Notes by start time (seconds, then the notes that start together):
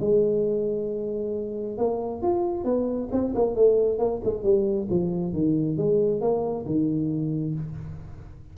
0.00 G#3
1.78 A#3
2.22 F4
2.64 B3
3.12 C4
3.35 A#3
3.56 A3
3.99 A#3
4.24 G#3
4.43 G3
4.90 F3
5.33 D#3
5.78 G#3
6.21 A#3
6.66 D#3